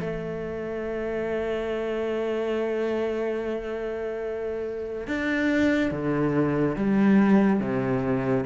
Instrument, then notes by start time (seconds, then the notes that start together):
cello
0.00 A3
5.07 D4
5.91 D3
6.76 G3
7.60 C3